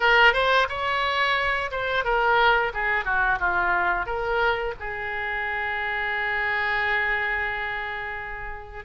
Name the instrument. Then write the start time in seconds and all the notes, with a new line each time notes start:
oboe
0.00 A#4
0.33 C5
0.68 C#5
1.71 C5
2.04 A#4
2.73 G#4
3.04 F#4
3.39 F4
4.06 A#4
4.79 G#4